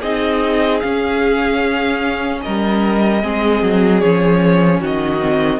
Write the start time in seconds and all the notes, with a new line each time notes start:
0.00 C4 D#4 G#4 D#5
0.80 C#4 F5
2.42 G3 A#4 D#5
3.22 G#3 C4 G#4
3.62 F#3
4.00 F3 C#4 C#5
4.80 D#3 F#4 D#5
5.20 C4